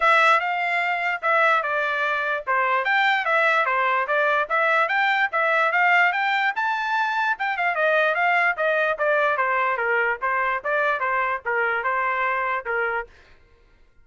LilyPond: \new Staff \with { instrumentName = "trumpet" } { \time 4/4 \tempo 4 = 147 e''4 f''2 e''4 | d''2 c''4 g''4 | e''4 c''4 d''4 e''4 | g''4 e''4 f''4 g''4 |
a''2 g''8 f''8 dis''4 | f''4 dis''4 d''4 c''4 | ais'4 c''4 d''4 c''4 | ais'4 c''2 ais'4 | }